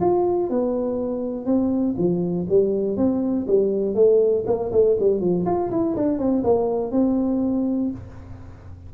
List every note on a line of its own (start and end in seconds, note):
0.00 0.49 F4
0.49 1.46 B3
1.46 1.95 C4
1.97 2.47 F3
2.48 2.97 G3
2.97 3.46 C4
3.47 3.94 G3
3.94 4.44 A3
4.46 4.71 A#3
4.72 4.97 A3
4.99 5.20 G3
5.20 5.45 F3
5.45 5.70 F4
5.70 5.95 E4
5.96 6.18 D4
6.18 6.43 C4
6.43 6.92 A#3
6.92 7.91 C4